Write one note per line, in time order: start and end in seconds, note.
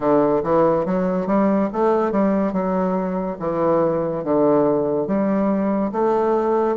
0.00 0.41 D3
0.43 0.85 E3
0.85 1.26 F#3
1.26 1.69 G3
1.72 2.11 A3
2.11 2.52 G3
2.52 3.37 F#3
3.39 4.23 E3
4.24 5.07 D3
5.07 5.92 G3
5.92 6.76 A3